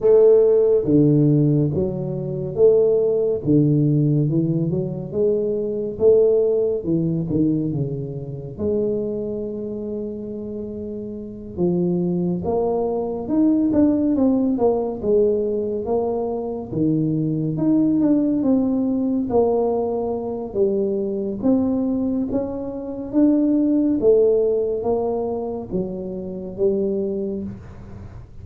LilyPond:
\new Staff \with { instrumentName = "tuba" } { \time 4/4 \tempo 4 = 70 a4 d4 fis4 a4 | d4 e8 fis8 gis4 a4 | e8 dis8 cis4 gis2~ | gis4. f4 ais4 dis'8 |
d'8 c'8 ais8 gis4 ais4 dis8~ | dis8 dis'8 d'8 c'4 ais4. | g4 c'4 cis'4 d'4 | a4 ais4 fis4 g4 | }